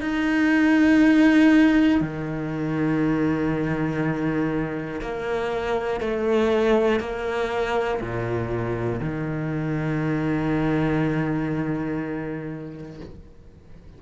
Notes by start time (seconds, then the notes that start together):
0.00 D#4
2.00 D#3
5.00 A#3
6.00 A3
7.00 A#3
8.00 A#2
9.00 D#3